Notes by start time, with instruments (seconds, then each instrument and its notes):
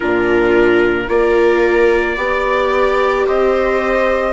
0.00 bassoon A#2, viola D4 F4, trumpet A#4
1.08 bassoon A#3, viola F4 A#4, trumpet D5
2.15 bassoon B3, viola G4 D5
3.27 bassoon C4, viola C5, trumpet D#5